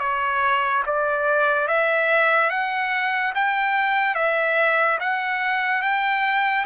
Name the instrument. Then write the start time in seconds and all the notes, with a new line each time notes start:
trumpet
0.00 C#5
0.86 D5
1.68 E5
2.50 F#5
3.35 G5
4.15 E5
5.00 F#5
5.82 G5